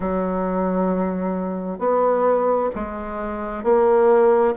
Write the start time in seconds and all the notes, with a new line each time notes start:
0.00 F#3
1.79 B3
2.75 G#3
3.63 A#3